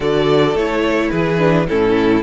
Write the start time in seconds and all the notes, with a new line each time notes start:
0.00 D3 F#4 A4 D5
0.54 A3 E4 C#5
1.10 E3 G#4 B4
1.38 D4
1.68 A2 C#4 E4 A4